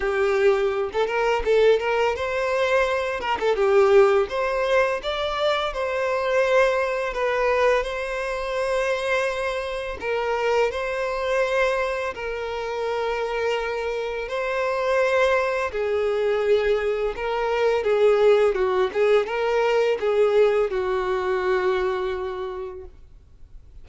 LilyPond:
\new Staff \with { instrumentName = "violin" } { \time 4/4 \tempo 4 = 84 g'4~ g'16 a'16 ais'8 a'8 ais'8 c''4~ | c''8 ais'16 a'16 g'4 c''4 d''4 | c''2 b'4 c''4~ | c''2 ais'4 c''4~ |
c''4 ais'2. | c''2 gis'2 | ais'4 gis'4 fis'8 gis'8 ais'4 | gis'4 fis'2. | }